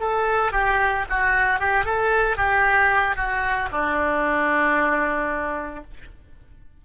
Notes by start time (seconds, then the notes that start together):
0.00 A4
0.52 G4
1.10 F#4
1.60 G4
1.85 A4
2.37 G4
3.16 F#4
3.72 D4